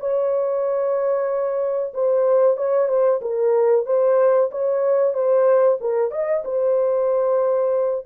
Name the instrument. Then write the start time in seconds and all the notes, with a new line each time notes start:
horn
0.00 C#5
1.94 C5
2.57 C#5
2.88 C5
3.22 A#4
3.86 C5
4.51 C#5
5.14 C5
5.81 A#4
6.11 D#5
6.45 C5